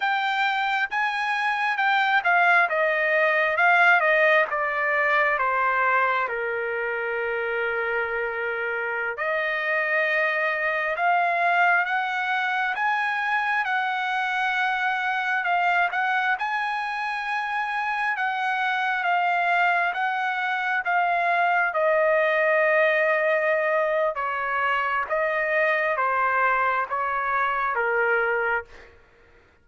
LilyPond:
\new Staff \with { instrumentName = "trumpet" } { \time 4/4 \tempo 4 = 67 g''4 gis''4 g''8 f''8 dis''4 | f''8 dis''8 d''4 c''4 ais'4~ | ais'2~ ais'16 dis''4.~ dis''16~ | dis''16 f''4 fis''4 gis''4 fis''8.~ |
fis''4~ fis''16 f''8 fis''8 gis''4.~ gis''16~ | gis''16 fis''4 f''4 fis''4 f''8.~ | f''16 dis''2~ dis''8. cis''4 | dis''4 c''4 cis''4 ais'4 | }